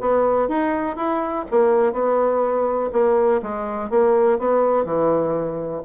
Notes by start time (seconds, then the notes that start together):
0.00 B3
0.48 D#4
0.96 E4
1.51 A#3
1.93 B3
2.92 A#3
3.42 G#3
3.90 A#3
4.39 B3
4.84 E3